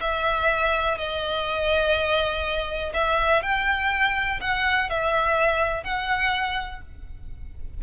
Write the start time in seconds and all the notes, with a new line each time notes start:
0.00 E5
0.97 D#5
2.93 E5
3.42 G5
4.40 F#5
4.89 E5
5.83 F#5